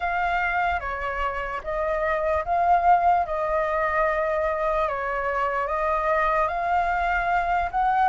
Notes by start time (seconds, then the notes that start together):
0.00 F5
0.80 C#5
1.63 D#5
2.44 F5
3.26 D#5
4.88 C#5
5.67 D#5
6.48 F5
7.71 F#5